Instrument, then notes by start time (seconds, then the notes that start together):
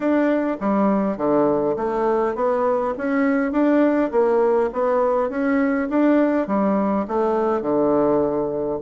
bassoon
0.00 D4
0.60 G3
1.17 D3
1.76 A3
2.35 B3
2.97 C#4
3.52 D4
4.11 A#3
4.72 B3
5.29 C#4
5.89 D4
6.47 G3
7.07 A3
7.61 D3